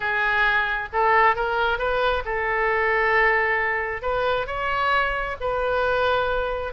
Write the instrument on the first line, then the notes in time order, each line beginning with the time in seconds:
oboe
0.00 G#4
0.92 A4
1.35 A#4
1.78 B4
2.25 A4
4.02 B4
4.47 C#5
5.40 B4